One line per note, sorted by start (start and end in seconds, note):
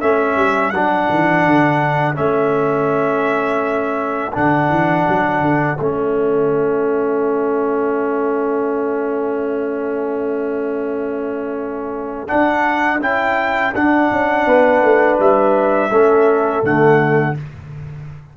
0.00 0.35 A3
0.00 0.73 C#4
0.00 14.45 A4
0.00 0.70 E5
0.35 0.72 G3
0.70 1.08 F#3
0.70 2.14 D4
0.70 2.15 F#5
1.09 1.45 E3
1.45 2.17 D3
2.14 4.34 A3
2.14 4.31 C#4
2.14 4.33 E5
4.32 4.69 D3
4.32 5.77 D4
4.32 5.78 F#5
4.69 5.05 E3
5.08 5.41 F#3
5.41 5.77 D3
5.78 12.29 A3
5.78 12.27 C#4
5.78 12.27 E5
12.27 13.00 D4
12.27 13.01 D4
12.27 12.99 F#5
13.00 13.74 C#4
13.00 13.73 E4
13.00 13.74 G5
13.74 14.10 D4
13.74 15.90 D4
13.74 15.19 F#5
14.10 14.46 C#4
14.45 14.81 B3
14.45 15.90 B4
14.81 15.18 A3
15.19 15.90 G3
15.19 16.65 E5
15.90 16.62 A3
15.90 16.62 C#4
15.90 17.35 A4
16.62 17.35 D3
16.62 17.34 A3
16.62 17.37 F#5